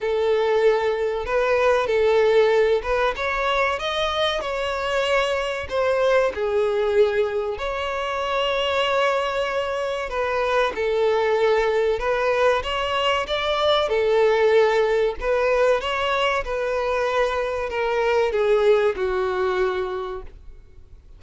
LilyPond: \new Staff \with { instrumentName = "violin" } { \time 4/4 \tempo 4 = 95 a'2 b'4 a'4~ | a'8 b'8 cis''4 dis''4 cis''4~ | cis''4 c''4 gis'2 | cis''1 |
b'4 a'2 b'4 | cis''4 d''4 a'2 | b'4 cis''4 b'2 | ais'4 gis'4 fis'2 | }